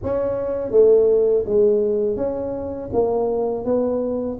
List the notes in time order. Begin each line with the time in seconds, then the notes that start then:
0.03 C#4
0.71 A3
1.46 G#3
2.16 C#4
2.92 A#3
3.65 B3